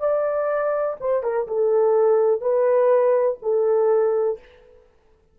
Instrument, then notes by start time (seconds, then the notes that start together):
horn
0.00 D5
1.01 C5
1.23 A#4
1.48 A4
2.41 B4
3.43 A4